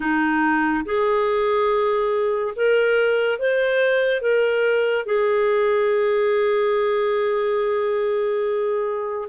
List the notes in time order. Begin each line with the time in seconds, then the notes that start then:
0.00 D#4
0.85 G#4
2.55 A#4
3.38 C5
4.21 A#4
5.05 G#4